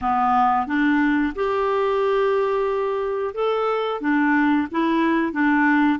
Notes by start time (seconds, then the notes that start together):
0.01 B3
0.67 D4
1.35 G4
3.34 A4
4.01 D4
4.71 E4
5.32 D4